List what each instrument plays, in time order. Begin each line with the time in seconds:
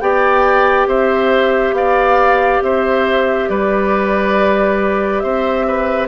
0.00 bassoon B3, clarinet G4, oboe D5, flute G5
0.86 bassoon C4, oboe C5, flute E5
1.72 bassoon B3, oboe D5, flute F5
2.62 bassoon C4, oboe C5, flute E5
3.48 bassoon G3, oboe B4, flute D5
5.19 bassoon C4, oboe C5, flute E5
5.67 oboe B4